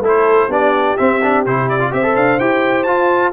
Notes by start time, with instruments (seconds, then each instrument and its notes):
0.00 tuba A3, trombone E4, horn A4
0.08 trumpet C5
0.48 tuba B3, trombone D4, horn G4, trumpet D5
0.97 trombone C4, tuba C4, trumpet E5
1.23 trombone D4
1.46 tuba C3, trombone E4, trumpet C5
1.69 trumpet D5
1.79 trombone F4
1.91 tuba C4, trombone G4, horn C5, trumpet E5
2.03 trombone A4
2.16 tuba D4, trumpet F5
2.39 tuba E4, trombone G4, trumpet G5
2.83 tuba F4, trombone F4, trumpet A5